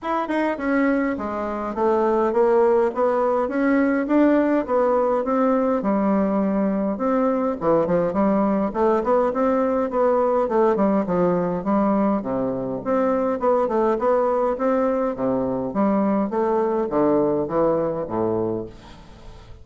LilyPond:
\new Staff \with { instrumentName = "bassoon" } { \time 4/4 \tempo 4 = 103 e'8 dis'8 cis'4 gis4 a4 | ais4 b4 cis'4 d'4 | b4 c'4 g2 | c'4 e8 f8 g4 a8 b8 |
c'4 b4 a8 g8 f4 | g4 c4 c'4 b8 a8 | b4 c'4 c4 g4 | a4 d4 e4 a,4 | }